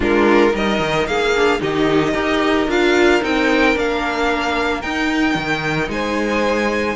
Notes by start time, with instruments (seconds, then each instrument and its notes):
0.00 cello G#3, viola D4, violin F4 A#4
0.51 cello G3, viola D#4, violin A#4 D#5
0.79 cello D#3
1.06 cello A#3, violin G#4 F5
1.36 viola D4
1.59 cello D#3, viola D#4, violin G4 D#5
2.13 cello D#4, viola G4, violin A#4
2.67 cello D4, viola F4, violin F5
3.21 cello C4, viola D#4, violin G5
3.74 cello A#3, viola D4, violin F5
4.81 viola D#4, cello D#4, violin G5
5.35 cello D#3
5.88 cello G#3, violin C5 G#5